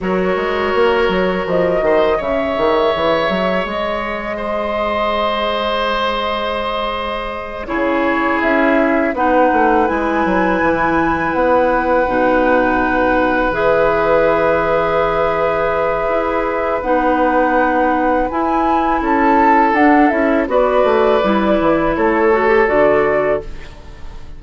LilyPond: <<
  \new Staff \with { instrumentName = "flute" } { \time 4/4 \tempo 4 = 82 cis''2 dis''4 e''4~ | e''4 dis''2.~ | dis''2~ dis''8 cis''4 e''8~ | e''8 fis''4 gis''2 fis''8~ |
fis''2~ fis''8 e''4.~ | e''2. fis''4~ | fis''4 gis''4 a''4 fis''8 e''8 | d''2 cis''4 d''4 | }
  \new Staff \with { instrumentName = "oboe" } { \time 4/4 ais'2~ ais'8 c''8 cis''4~ | cis''2 c''2~ | c''2~ c''8 gis'4.~ | gis'8 b'2.~ b'8~ |
b'1~ | b'1~ | b'2 a'2 | b'2 a'2 | }
  \new Staff \with { instrumentName = "clarinet" } { \time 4/4 fis'2. gis'4~ | gis'1~ | gis'2~ gis'8 e'4.~ | e'8 dis'4 e'2~ e'8~ |
e'8 dis'2 gis'4.~ | gis'2. dis'4~ | dis'4 e'2 d'8 e'8 | fis'4 e'4. fis'16 g'16 fis'4 | }
  \new Staff \with { instrumentName = "bassoon" } { \time 4/4 fis8 gis8 ais8 fis8 f8 dis8 cis8 dis8 | e8 fis8 gis2.~ | gis2~ gis8 cis4 cis'8~ | cis'8 b8 a8 gis8 fis8 e4 b8~ |
b8 b,2 e4.~ | e2 e'4 b4~ | b4 e'4 cis'4 d'8 cis'8 | b8 a8 g8 e8 a4 d4 | }
>>